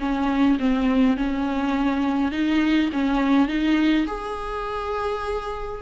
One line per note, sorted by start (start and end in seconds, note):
0.00 0.58 C#4
0.59 1.17 C4
1.17 2.32 C#4
2.32 2.90 D#4
2.93 3.48 C#4
3.48 4.06 D#4
4.07 5.82 G#4